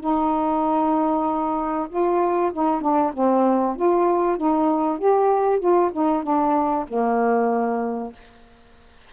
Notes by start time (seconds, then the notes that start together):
0.00 D#4
1.89 F4
2.53 D#4
2.81 D4
3.13 C4
3.76 F4
4.38 D#4
4.98 G4
5.60 F4
5.93 D#4
6.23 D4
6.88 A#3